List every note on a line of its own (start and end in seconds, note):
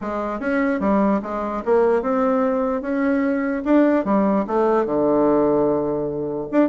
0.01 0.40 G#3
0.40 0.80 C#4
0.80 1.20 G3
1.22 1.62 G#3
1.65 2.02 A#3
2.02 2.81 C4
2.81 3.62 C#4
3.64 4.04 D4
4.04 4.45 G3
4.47 4.85 A3
4.85 6.48 D3
6.51 6.69 D4